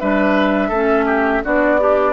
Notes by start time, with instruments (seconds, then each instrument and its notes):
0.00 bassoon G3, clarinet D4, oboe B4, flute E5
0.69 bassoon A3, clarinet C#4, oboe A4
1.06 oboe G4
1.45 bassoon B3, clarinet D4, oboe F#4, flute D5
1.80 oboe D4, clarinet G4